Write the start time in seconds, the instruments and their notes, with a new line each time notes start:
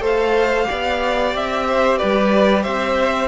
0.00 cello A3, viola A4, violin C5 F5
0.65 viola G4, violin D5
0.71 cello B3
1.35 cello C4, violin E5
1.68 violin C5
1.98 cello G3, violin B4 D5
2.63 cello C4, violin C5 E5